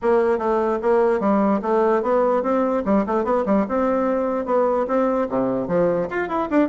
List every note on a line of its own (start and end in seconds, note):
0.02 0.38 A#3
0.38 0.78 A3
0.82 1.20 A#3
1.20 1.60 G3
1.62 2.02 A3
2.02 2.42 B3
2.42 2.83 C4
2.85 3.05 G3
3.06 3.24 A3
3.24 3.44 B3
3.45 3.66 G3
3.68 4.45 C4
4.45 4.86 B3
4.87 5.28 C4
5.29 5.67 C3
5.67 6.08 F3
6.10 6.28 F4
6.28 6.48 E4
6.50 6.68 D4